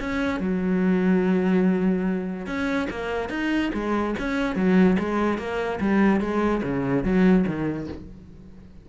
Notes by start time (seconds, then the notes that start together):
0.00 C#4
0.40 F#3
2.46 C#4
2.90 A#3
3.29 D#4
3.74 G#3
4.19 C#4
4.56 F#3
4.99 G#3
5.38 A#3
5.80 G3
6.21 G#3
6.63 C#3
7.04 F#3
7.47 D#3